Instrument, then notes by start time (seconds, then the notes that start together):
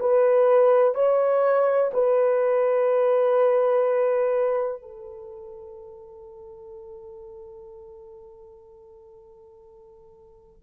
horn
0.00 B4
0.95 C#5
1.93 B4
4.82 A4